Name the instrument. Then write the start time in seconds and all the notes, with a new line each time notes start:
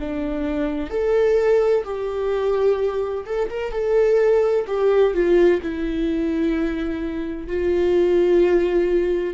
viola
0.00 D4
0.90 A4
1.84 G4
3.26 A4
3.50 A#4
3.72 A4
4.67 G4
5.13 F4
5.62 E4
7.47 F4